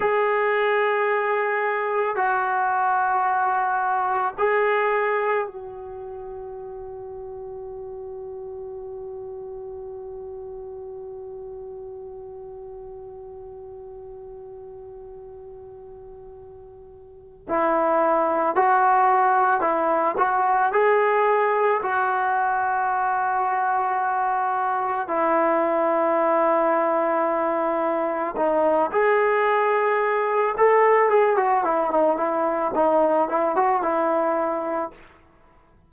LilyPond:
\new Staff \with { instrumentName = "trombone" } { \time 4/4 \tempo 4 = 55 gis'2 fis'2 | gis'4 fis'2.~ | fis'1~ | fis'1 |
e'4 fis'4 e'8 fis'8 gis'4 | fis'2. e'4~ | e'2 dis'8 gis'4. | a'8 gis'16 fis'16 e'16 dis'16 e'8 dis'8 e'16 fis'16 e'4 | }